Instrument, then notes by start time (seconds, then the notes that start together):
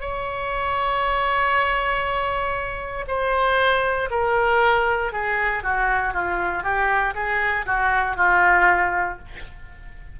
oboe
0.00 C#5
3.07 C5
4.10 A#4
5.12 G#4
5.63 F#4
6.13 F4
6.63 G4
7.15 G#4
7.66 F#4
8.16 F4